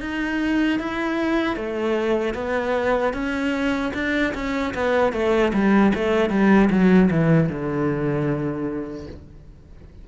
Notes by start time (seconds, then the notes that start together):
0.00 D#4
0.79 E4
1.56 A3
2.34 B3
3.13 C#4
3.94 D4
4.34 C#4
4.74 B3
5.12 A3
5.53 G3
5.95 A3
6.30 G3
6.70 F#3
7.11 E3
7.49 D3